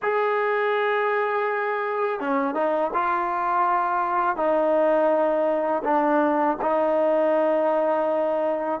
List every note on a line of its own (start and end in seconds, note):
0.02 2.20 G#4
2.20 2.54 C#4
2.54 2.90 D#4
2.93 4.36 F4
4.36 5.82 D#4
5.84 6.57 D4
6.61 8.80 D#4